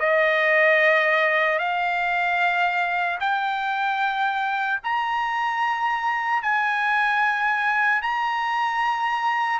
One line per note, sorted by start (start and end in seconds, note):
0.00 1.59 D#5
1.59 3.19 F5
3.20 4.80 G5
4.84 6.43 A#5
6.43 8.03 G#5
8.03 9.60 A#5